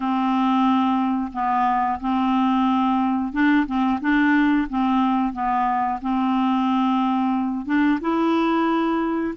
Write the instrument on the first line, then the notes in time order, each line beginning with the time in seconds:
clarinet
0.00 C4
1.32 B3
2.00 C4
3.32 D4
3.66 C4
4.01 D4
4.68 C4
5.32 B3
6.02 C4
7.65 D4
8.00 E4